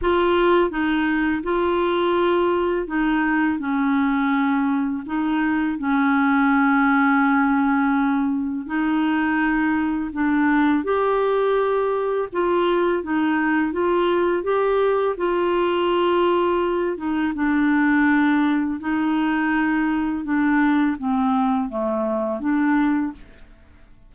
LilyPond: \new Staff \with { instrumentName = "clarinet" } { \time 4/4 \tempo 4 = 83 f'4 dis'4 f'2 | dis'4 cis'2 dis'4 | cis'1 | dis'2 d'4 g'4~ |
g'4 f'4 dis'4 f'4 | g'4 f'2~ f'8 dis'8 | d'2 dis'2 | d'4 c'4 a4 d'4 | }